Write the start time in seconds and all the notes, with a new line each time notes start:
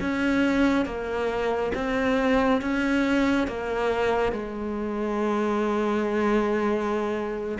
0.00 C#4
0.85 A#3
1.74 C4
2.61 C#4
3.47 A#3
4.32 G#3